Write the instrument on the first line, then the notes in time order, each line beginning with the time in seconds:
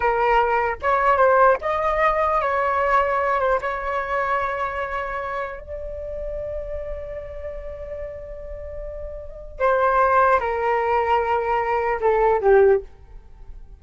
flute
0.00 A#4
0.82 C#5
1.17 C5
1.61 D#5
2.41 C#5
3.40 C5
3.61 C#5
5.60 D5
9.59 C5
10.39 A#4
12.01 A4
12.41 G4